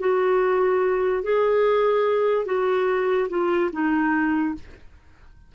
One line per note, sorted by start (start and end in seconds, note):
0.00 1.23 F#4
1.24 2.46 G#4
2.46 3.28 F#4
3.30 3.71 F4
3.72 4.55 D#4